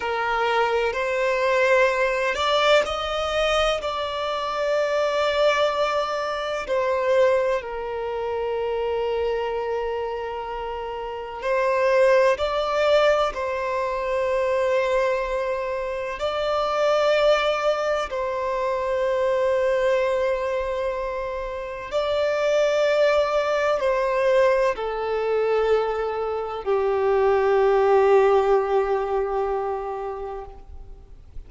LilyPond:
\new Staff \with { instrumentName = "violin" } { \time 4/4 \tempo 4 = 63 ais'4 c''4. d''8 dis''4 | d''2. c''4 | ais'1 | c''4 d''4 c''2~ |
c''4 d''2 c''4~ | c''2. d''4~ | d''4 c''4 a'2 | g'1 | }